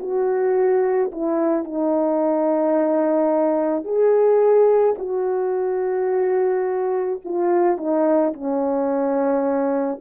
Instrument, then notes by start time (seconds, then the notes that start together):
horn
0.00 F#4
1.12 E4
1.64 D#4
3.84 G#4
4.98 F#4
7.25 F4
7.78 D#4
8.33 C#4